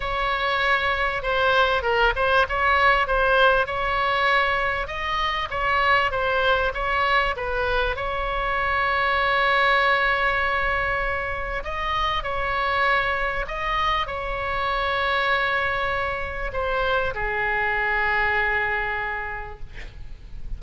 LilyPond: \new Staff \with { instrumentName = "oboe" } { \time 4/4 \tempo 4 = 98 cis''2 c''4 ais'8 c''8 | cis''4 c''4 cis''2 | dis''4 cis''4 c''4 cis''4 | b'4 cis''2.~ |
cis''2. dis''4 | cis''2 dis''4 cis''4~ | cis''2. c''4 | gis'1 | }